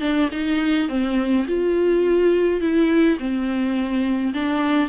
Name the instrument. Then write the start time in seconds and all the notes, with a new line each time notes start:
viola
0.00 D4
0.31 D#4
0.89 C4
1.47 F4
2.60 E4
3.19 C4
4.33 D4